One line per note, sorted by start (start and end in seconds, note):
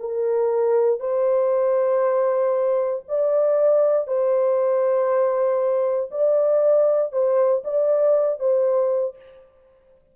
0.00 1.00 A#4
1.00 3.03 C5
3.08 4.07 D5
4.07 6.11 C5
6.11 7.12 D5
7.12 7.63 C5
7.64 8.39 D5
8.39 9.16 C5